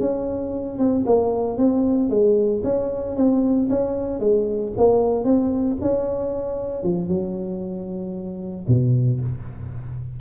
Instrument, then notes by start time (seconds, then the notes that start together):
tuba
0.00 C#4
0.78 C4
1.06 A#3
1.57 C4
2.10 G#3
2.63 C#4
3.16 C4
3.70 C#4
4.20 G#3
4.77 A#3
5.24 C4
5.81 C#4
6.83 F3
7.08 F#3
8.68 B2